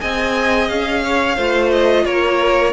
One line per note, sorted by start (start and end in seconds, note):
0.00 0.69 C4
0.00 1.36 G#4
0.00 1.03 D#5
0.00 0.68 G#5
0.68 1.37 C#4
0.68 1.70 F5
1.04 1.36 C#5
1.36 2.05 A3
1.36 2.72 F4
1.36 2.04 C5
1.71 2.04 D#5
2.04 2.72 A#3
2.04 2.72 A#4
2.04 2.72 C#5